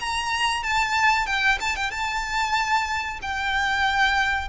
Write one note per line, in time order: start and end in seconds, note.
0.00 0.63 A#5
0.63 1.26 A5
1.26 1.58 G5
1.60 1.76 A5
1.76 1.91 G5
1.91 3.20 A5
3.22 4.48 G5